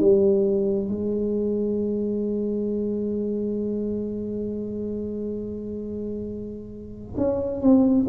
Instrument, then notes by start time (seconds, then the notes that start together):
tuba
0.00 G3
0.88 G#3
7.17 C#4
7.62 C4